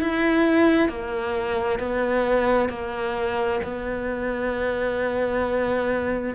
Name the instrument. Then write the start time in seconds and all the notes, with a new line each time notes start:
cello
0.00 E4
0.89 A#3
1.79 B3
2.69 A#3
3.63 B3